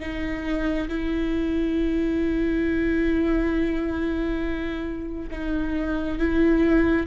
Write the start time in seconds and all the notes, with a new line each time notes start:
0.00 D#4
0.89 E4
5.31 D#4
6.19 E4